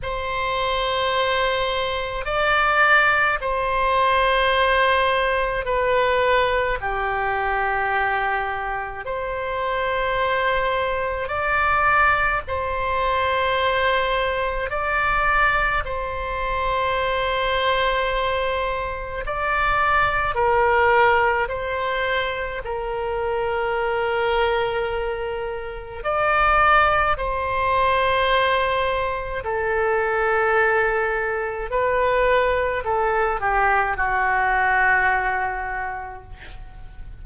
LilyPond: \new Staff \with { instrumentName = "oboe" } { \time 4/4 \tempo 4 = 53 c''2 d''4 c''4~ | c''4 b'4 g'2 | c''2 d''4 c''4~ | c''4 d''4 c''2~ |
c''4 d''4 ais'4 c''4 | ais'2. d''4 | c''2 a'2 | b'4 a'8 g'8 fis'2 | }